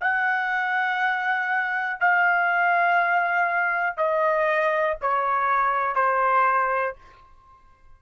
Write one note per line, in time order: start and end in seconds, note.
0.00 2.00 F#5
2.00 3.97 F5
3.97 4.97 D#5
5.01 5.95 C#5
5.95 6.95 C5